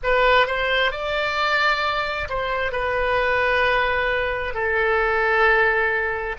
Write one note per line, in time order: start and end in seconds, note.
0.03 0.46 B4
0.46 0.91 C5
0.91 2.27 D5
2.29 2.72 C5
2.72 4.54 B4
4.54 6.36 A4